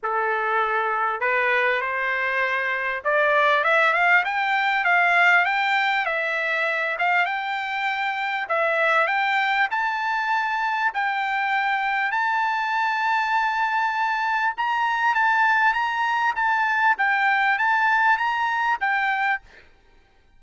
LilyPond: \new Staff \with { instrumentName = "trumpet" } { \time 4/4 \tempo 4 = 99 a'2 b'4 c''4~ | c''4 d''4 e''8 f''8 g''4 | f''4 g''4 e''4. f''8 | g''2 e''4 g''4 |
a''2 g''2 | a''1 | ais''4 a''4 ais''4 a''4 | g''4 a''4 ais''4 g''4 | }